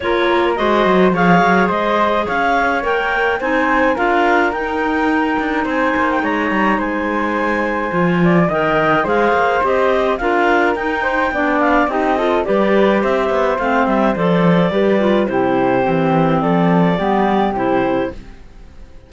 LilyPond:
<<
  \new Staff \with { instrumentName = "clarinet" } { \time 4/4 \tempo 4 = 106 cis''4 dis''4 f''4 dis''4 | f''4 g''4 gis''4 f''4 | g''2 gis''8. g''16 ais''4 | gis''2. g''4 |
f''4 dis''4 f''4 g''4~ | g''8 f''8 dis''4 d''4 e''4 | f''8 e''8 d''2 c''4~ | c''4 d''2 c''4 | }
  \new Staff \with { instrumentName = "flute" } { \time 4/4 ais'4 c''4 cis''4 c''4 | cis''2 c''4 ais'4~ | ais'2 c''4 cis''4 | c''2~ c''8 d''8 dis''4 |
c''2 ais'4. c''8 | d''4 g'8 a'8 b'4 c''4~ | c''2 b'4 g'4~ | g'4 a'4 g'2 | }
  \new Staff \with { instrumentName = "clarinet" } { \time 4/4 f'4 fis'4 gis'2~ | gis'4 ais'4 dis'4 f'4 | dis'1~ | dis'2 f'4 ais'4 |
gis'4 g'4 f'4 dis'4 | d'4 dis'8 f'8 g'2 | c'4 a'4 g'8 f'8 e'4 | c'2 b4 e'4 | }
  \new Staff \with { instrumentName = "cello" } { \time 4/4 ais4 gis8 fis8 f8 fis8 gis4 | cis'4 ais4 c'4 d'4 | dis'4. d'8 c'8 ais8 gis8 g8 | gis2 f4 dis4 |
gis8 ais8 c'4 d'4 dis'4 | b4 c'4 g4 c'8 b8 | a8 g8 f4 g4 c4 | e4 f4 g4 c4 | }
>>